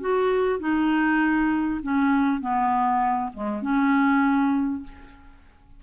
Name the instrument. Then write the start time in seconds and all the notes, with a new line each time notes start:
clarinet
0.00 F#4
0.59 D#4
1.82 C#4
2.40 B3
3.33 G#3
3.62 C#4